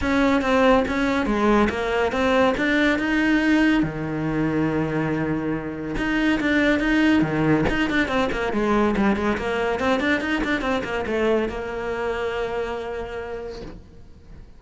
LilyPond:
\new Staff \with { instrumentName = "cello" } { \time 4/4 \tempo 4 = 141 cis'4 c'4 cis'4 gis4 | ais4 c'4 d'4 dis'4~ | dis'4 dis2.~ | dis2 dis'4 d'4 |
dis'4 dis4 dis'8 d'8 c'8 ais8 | gis4 g8 gis8 ais4 c'8 d'8 | dis'8 d'8 c'8 ais8 a4 ais4~ | ais1 | }